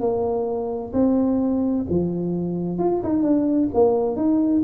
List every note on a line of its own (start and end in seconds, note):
0.00 0.92 A#3
0.93 1.85 C4
1.89 2.78 F3
2.78 3.01 F4
3.03 3.22 D#4
3.22 3.69 D4
3.74 4.16 A#3
4.16 4.62 D#4